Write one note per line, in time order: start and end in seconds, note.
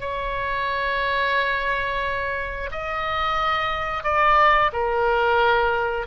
0.00 2.70 C#5
2.71 4.04 D#5
4.04 4.71 D5
4.73 6.06 A#4